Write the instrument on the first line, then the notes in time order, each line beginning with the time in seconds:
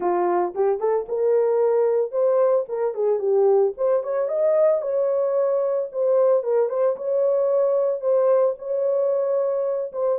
horn
0.00 F4
0.54 G4
0.79 A4
1.08 A#4
2.11 C5
2.68 A#4
2.94 G#4
3.19 G4
3.77 C5
4.03 C#5
4.28 D#5
4.81 C#5
5.91 C5
6.43 A#4
6.69 C5
6.96 C#5
8.00 C5
8.58 C#5
9.92 C5